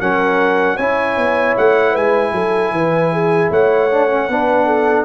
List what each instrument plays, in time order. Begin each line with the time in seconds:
0.00 tuba F#3, trombone C#4, horn A#4, trumpet F#5
0.76 tuba C#4, trombone E4, horn C#5, trumpet G#5
1.17 tuba B3
1.57 tuba A3, trumpet F#5
1.91 tuba G#3, horn B4, trumpet G#5
2.32 tuba F#3, horn A4
2.71 tuba E3, horn B4
3.12 horn G#4
3.51 tuba A3, horn C#5, trumpet F#5
3.91 trombone D4
4.09 trombone C#4
4.29 tuba B3, trombone D4, horn B4
4.66 horn A4